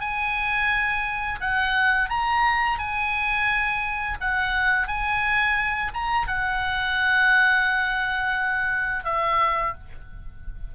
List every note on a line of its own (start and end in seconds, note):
0.00 1.40 G#5
1.40 2.09 F#5
2.09 2.78 A#5
2.78 4.18 G#5
4.21 4.87 F#5
4.87 5.92 G#5
5.94 6.27 A#5
6.27 9.04 F#5
9.04 9.74 E5